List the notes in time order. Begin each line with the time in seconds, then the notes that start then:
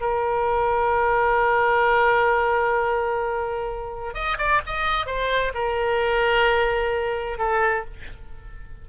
0.00 A#4
4.14 D#5
4.38 D5
4.66 D#5
5.06 C5
5.54 A#4
7.38 A4